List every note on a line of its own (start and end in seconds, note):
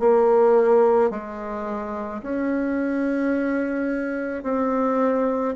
0.00 1.11 A#3
1.11 2.22 G#3
2.23 4.43 C#4
4.43 5.55 C4